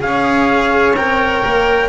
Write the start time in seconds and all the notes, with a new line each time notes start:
0.00 C#4 G#4 C#5 F5
0.96 C4 A#4 G5
1.45 A#3